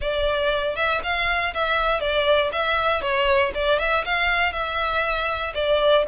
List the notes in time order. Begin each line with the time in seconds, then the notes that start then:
0.01 D5
0.76 E5
1.03 F5
1.54 E5
2.00 D5
2.52 E5
3.01 C#5
3.54 D5
3.79 E5
4.05 F5
4.52 E5
5.54 D5